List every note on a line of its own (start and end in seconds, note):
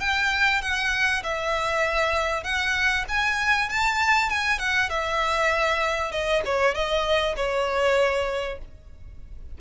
0.00 0.61 G5
0.62 1.23 F#5
1.23 2.43 E5
2.43 3.04 F#5
3.08 3.69 G#5
3.69 4.29 A5
4.29 4.59 G#5
4.59 4.89 F#5
4.90 6.11 E5
6.11 6.42 D#5
6.45 6.74 C#5
6.74 7.36 D#5
7.36 8.59 C#5